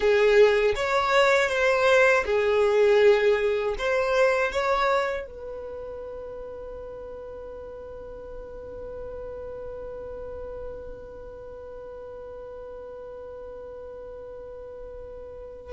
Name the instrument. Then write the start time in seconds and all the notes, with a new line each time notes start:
violin
0.00 G#4
0.75 C#5
1.49 C5
2.25 G#4
3.78 C5
4.52 C#5
5.26 B4